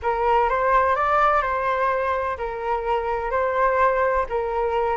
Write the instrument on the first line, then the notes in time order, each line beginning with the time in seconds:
flute
0.02 A#4
0.49 C5
0.95 D5
1.42 C5
2.37 A#4
3.31 C5
4.29 A#4